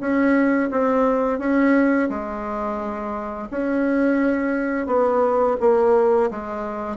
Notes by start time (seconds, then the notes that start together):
0.00 C#4
0.71 C4
1.39 C#4
2.09 G#3
3.51 C#4
4.86 B3
5.60 A#3
6.30 G#3